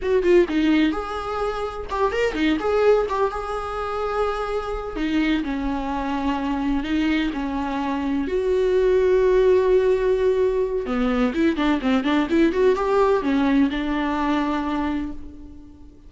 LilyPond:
\new Staff \with { instrumentName = "viola" } { \time 4/4 \tempo 4 = 127 fis'8 f'8 dis'4 gis'2 | g'8 ais'8 dis'8 gis'4 g'8 gis'4~ | gis'2~ gis'8 dis'4 cis'8~ | cis'2~ cis'8 dis'4 cis'8~ |
cis'4. fis'2~ fis'8~ | fis'2. b4 | e'8 d'8 c'8 d'8 e'8 fis'8 g'4 | cis'4 d'2. | }